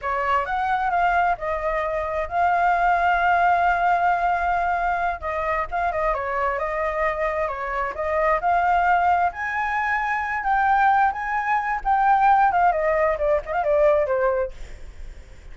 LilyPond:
\new Staff \with { instrumentName = "flute" } { \time 4/4 \tempo 4 = 132 cis''4 fis''4 f''4 dis''4~ | dis''4 f''2.~ | f''2.~ f''8 dis''8~ | dis''8 f''8 dis''8 cis''4 dis''4.~ |
dis''8 cis''4 dis''4 f''4.~ | f''8 gis''2~ gis''8 g''4~ | g''8 gis''4. g''4. f''8 | dis''4 d''8 dis''16 f''16 d''4 c''4 | }